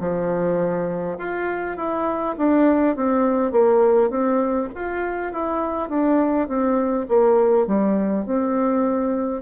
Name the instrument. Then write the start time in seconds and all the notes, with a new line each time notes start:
bassoon
0.00 F3
1.18 F4
1.77 E4
2.38 D4
2.96 C4
3.52 A#3
4.10 C4
4.75 F4
5.33 E4
5.89 D4
6.48 C4
7.09 A#3
7.67 G3
8.26 C4